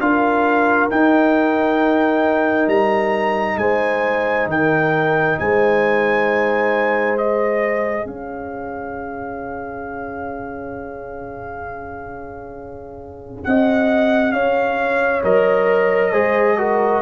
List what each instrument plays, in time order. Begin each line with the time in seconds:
0.00 tuba D4, trombone F4, horn A#4, trumpet F5
0.90 tuba D#4, trombone D#4, trumpet G5
2.67 tuba G3, trumpet A#5
3.57 tuba G#3, horn C5, trumpet G#5
4.47 tuba D#3, horn A#4, trumpet G5
5.39 tuba G#3, horn C5, trumpet G#5
7.18 trombone G#4, trumpet D#5
8.05 tuba C#4, horn C#5, trumpet F5
13.44 tuba C4, horn D#5, trumpet F#5
14.32 tuba C#4, horn C#5, trumpet F5
15.24 tuba F#3, trombone A#4, trumpet D#5
16.11 tuba G#3, trombone G#4, horn C5
16.58 trombone F#4, horn A#4